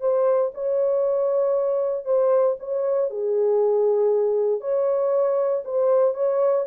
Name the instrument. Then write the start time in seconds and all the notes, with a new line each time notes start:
horn
0.00 C5
0.54 C#5
2.05 C5
2.59 C#5
3.10 G#4
4.60 C#5
5.64 C5
6.14 C#5